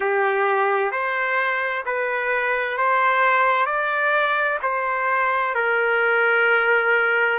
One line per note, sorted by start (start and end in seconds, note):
0.00 0.91 G4
0.91 1.84 C5
1.85 2.77 B4
2.77 3.66 C5
3.66 4.58 D5
4.62 5.54 C5
5.54 7.38 A#4